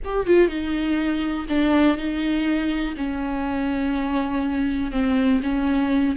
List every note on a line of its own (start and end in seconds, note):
0.04 0.26 G4
0.26 0.48 F4
0.48 1.46 D#4
1.48 1.97 D4
1.97 2.95 D#4
2.96 4.91 C#4
4.91 5.40 C4
5.42 6.16 C#4